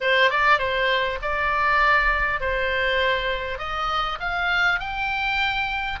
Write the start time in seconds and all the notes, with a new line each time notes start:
0.00 C5
0.30 D5
0.58 C5
1.22 D5
2.40 C5
3.58 D#5
4.19 F5
4.79 G5